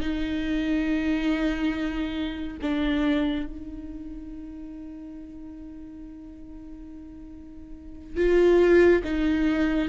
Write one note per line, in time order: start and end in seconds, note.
0.00 2.57 D#4
2.61 3.46 D4
3.46 8.16 D#4
8.16 9.02 F4
9.04 9.88 D#4